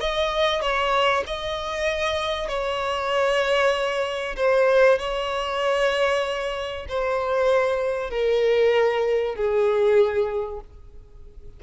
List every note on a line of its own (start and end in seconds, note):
0.00 0.61 D#5
0.61 1.24 C#5
1.27 2.48 D#5
2.48 4.36 C#5
4.36 4.99 C5
4.99 6.86 C#5
6.89 8.10 C5
8.10 9.35 A#4
9.35 10.60 G#4